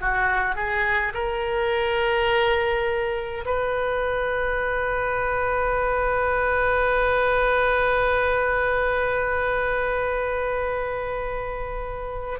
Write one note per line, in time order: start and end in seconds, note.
0.00 0.55 F#4
0.55 1.13 G#4
1.14 3.45 A#4
3.45 12.39 B4